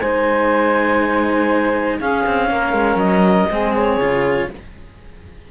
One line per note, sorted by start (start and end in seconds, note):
0.00 1.99 G#3
0.00 2.01 D#4
0.00 1.99 C5
0.00 1.98 G#5
1.99 2.25 C#4
1.99 3.49 C#4
1.99 2.48 G#4
1.99 2.99 F5
2.27 2.51 C4
2.50 2.73 A#3
2.50 3.49 A#4
2.73 2.96 G#3
2.96 3.45 F#3
2.96 3.73 D#5
3.50 3.97 G#3
3.50 4.00 C4
3.50 4.49 G#4
3.76 4.51 C#5
3.97 4.46 C#3
3.97 4.50 F4